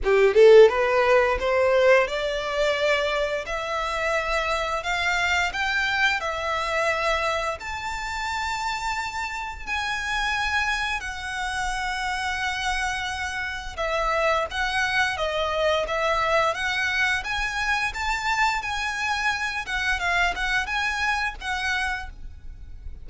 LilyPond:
\new Staff \with { instrumentName = "violin" } { \time 4/4 \tempo 4 = 87 g'8 a'8 b'4 c''4 d''4~ | d''4 e''2 f''4 | g''4 e''2 a''4~ | a''2 gis''2 |
fis''1 | e''4 fis''4 dis''4 e''4 | fis''4 gis''4 a''4 gis''4~ | gis''8 fis''8 f''8 fis''8 gis''4 fis''4 | }